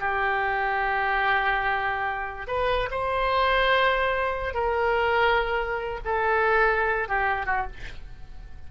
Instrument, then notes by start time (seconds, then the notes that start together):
oboe
0.00 G4
2.48 B4
2.91 C5
4.54 A#4
6.05 A4
7.09 G4
7.46 F#4